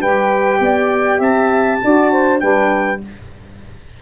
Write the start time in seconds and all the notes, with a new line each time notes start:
0.00 G3 G4 B4 G5
0.60 B3 D5
1.19 C4 E5 A5
1.83 D4 F#4 D5
2.11 C5
2.40 G3 D4 B4 G5